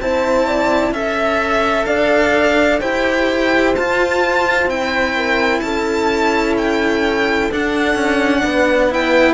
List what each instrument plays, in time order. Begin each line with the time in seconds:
0.00 cello C4 E4, horn C5, violin A5
0.46 horn D5
0.91 cello C#4 A4, violin E5
0.98 horn E5
1.85 cello D4, horn D5, violin F5
2.80 cello E4 G4, horn C5, violin G5
3.75 cello F4, violin A5
4.65 cello C4 E4, violin G5
5.15 horn A#4
5.60 cello C#4, horn A4, violin A5
6.57 violin G5
7.51 cello D4, violin F#5
7.95 cello C#4
8.43 cello B3, horn B4
8.90 cello E4, violin G5